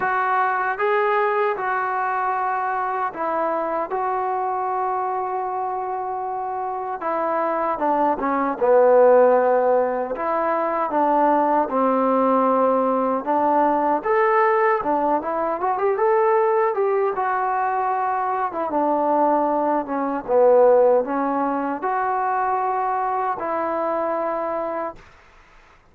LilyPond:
\new Staff \with { instrumentName = "trombone" } { \time 4/4 \tempo 4 = 77 fis'4 gis'4 fis'2 | e'4 fis'2.~ | fis'4 e'4 d'8 cis'8 b4~ | b4 e'4 d'4 c'4~ |
c'4 d'4 a'4 d'8 e'8 | fis'16 g'16 a'4 g'8 fis'4.~ fis'16 e'16 | d'4. cis'8 b4 cis'4 | fis'2 e'2 | }